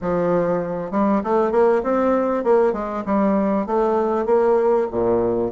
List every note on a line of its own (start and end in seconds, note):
0.01 0.91 F3
0.91 1.22 G3
1.23 1.51 A3
1.51 1.82 A#3
1.83 2.44 C4
2.44 2.72 A#3
2.72 3.03 G#3
3.05 3.66 G3
3.66 4.26 A3
4.26 4.87 A#3
4.91 5.51 A#2